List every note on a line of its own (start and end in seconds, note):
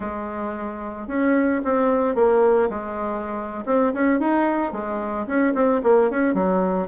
0.00 1.07 G#3
1.07 1.61 C#4
1.64 2.15 C4
2.15 2.69 A#3
2.69 3.64 G#3
3.65 3.92 C4
3.93 4.19 C#4
4.19 4.72 D#4
4.72 5.26 G#3
5.26 5.53 C#4
5.54 5.81 C4
5.83 6.10 A#3
6.10 6.33 C#4
6.33 6.87 F#3